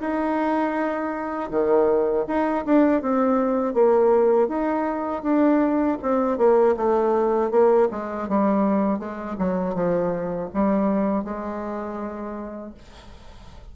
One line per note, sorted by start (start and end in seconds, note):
0.00 1.50 D#4
1.50 2.25 D#3
2.27 2.65 D#4
2.65 3.02 D4
3.02 3.74 C4
3.74 4.48 A#3
4.48 5.23 D#4
5.23 5.98 D4
6.02 6.38 C4
6.38 6.75 A#3
6.76 7.51 A3
7.51 7.88 A#3
7.91 8.28 G#3
8.29 8.99 G3
8.99 9.36 G#3
9.39 9.74 F#3
9.74 10.49 F3
10.54 11.24 G3
11.24 12.74 G#3